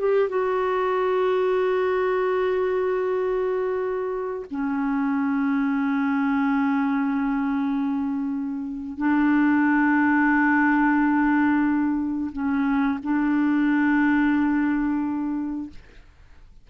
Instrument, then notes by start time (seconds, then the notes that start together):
clarinet
0.00 G4
0.30 F#4
4.51 C#4
8.98 D4
12.33 C#4
13.04 D4